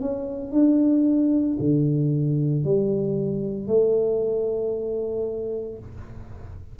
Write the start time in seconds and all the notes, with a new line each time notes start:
0.00 C#4
0.52 D4
1.59 D3
2.64 G3
3.67 A3